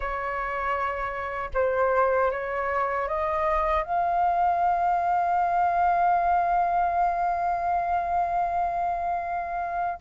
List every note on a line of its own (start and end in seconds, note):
0.00 1.50 C#5
1.54 2.31 C5
2.31 3.08 C#5
3.08 3.83 D#5
3.83 9.99 F5